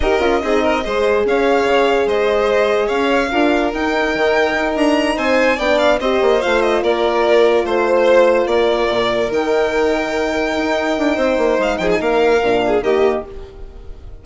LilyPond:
<<
  \new Staff \with { instrumentName = "violin" } { \time 4/4 \tempo 4 = 145 dis''2. f''4~ | f''4 dis''2 f''4~ | f''4 g''2~ g''8 ais''8~ | ais''8 gis''4 g''8 f''8 dis''4 f''8 |
dis''8 d''2 c''4.~ | c''8 d''2 g''4.~ | g''1 | f''8 g''16 gis''16 f''2 dis''4 | }
  \new Staff \with { instrumentName = "violin" } { \time 4/4 ais'4 gis'8 ais'8 c''4 cis''4~ | cis''4 c''2 cis''4 | ais'1~ | ais'8 c''4 d''4 c''4.~ |
c''8 ais'2 c''4.~ | c''8 ais'2.~ ais'8~ | ais'2. c''4~ | c''8 gis'8 ais'4. gis'8 g'4 | }
  \new Staff \with { instrumentName = "horn" } { \time 4/4 g'8 f'8 dis'4 gis'2~ | gis'1 | f'4 dis'2.~ | dis'4. d'4 g'4 f'8~ |
f'1~ | f'2~ f'8 dis'4.~ | dis'1~ | dis'2 d'4 ais4 | }
  \new Staff \with { instrumentName = "bassoon" } { \time 4/4 dis'8 cis'8 c'4 gis4 cis'4 | cis4 gis2 cis'4 | d'4 dis'4 dis4 dis'8 d'8~ | d'8 c'4 b4 c'8 ais8 a8~ |
a8 ais2 a4.~ | a8 ais4 ais,4 dis4.~ | dis4. dis'4 d'8 c'8 ais8 | gis8 f8 ais4 ais,4 dis4 | }
>>